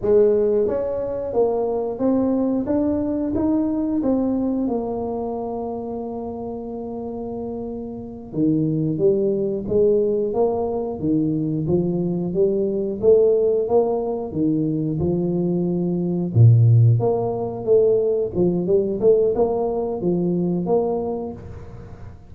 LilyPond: \new Staff \with { instrumentName = "tuba" } { \time 4/4 \tempo 4 = 90 gis4 cis'4 ais4 c'4 | d'4 dis'4 c'4 ais4~ | ais1~ | ais8 dis4 g4 gis4 ais8~ |
ais8 dis4 f4 g4 a8~ | a8 ais4 dis4 f4.~ | f8 ais,4 ais4 a4 f8 | g8 a8 ais4 f4 ais4 | }